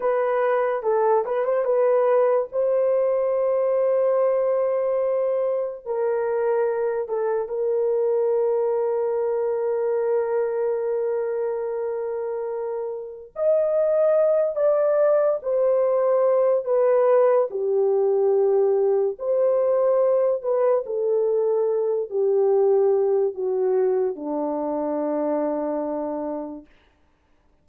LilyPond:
\new Staff \with { instrumentName = "horn" } { \time 4/4 \tempo 4 = 72 b'4 a'8 b'16 c''16 b'4 c''4~ | c''2. ais'4~ | ais'8 a'8 ais'2.~ | ais'1 |
dis''4. d''4 c''4. | b'4 g'2 c''4~ | c''8 b'8 a'4. g'4. | fis'4 d'2. | }